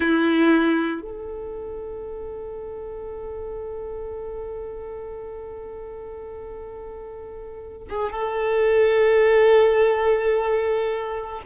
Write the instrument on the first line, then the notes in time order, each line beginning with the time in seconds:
violin
0.00 E4
1.01 A4
7.89 G#4
8.11 A4